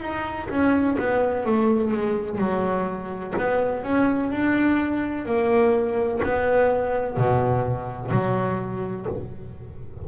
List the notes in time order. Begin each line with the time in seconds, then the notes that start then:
0.00 D#4
0.49 C#4
0.98 B3
1.45 A3
1.91 G#3
2.38 F#3
3.38 B3
3.83 C#4
4.30 D4
5.26 A#3
6.23 B3
7.17 B2
8.11 F#3